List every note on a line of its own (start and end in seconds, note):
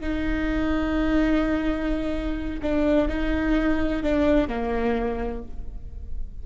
0.00 2.60 D#4
2.62 3.08 D4
3.08 4.02 D#4
4.03 4.48 D4
4.48 5.42 A#3